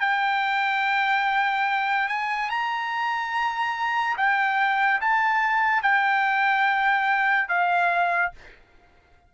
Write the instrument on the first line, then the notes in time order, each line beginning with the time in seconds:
trumpet
0.00 G5
2.09 G#5
2.50 A#5
4.17 G5
5.01 A5
5.83 G5
7.49 F5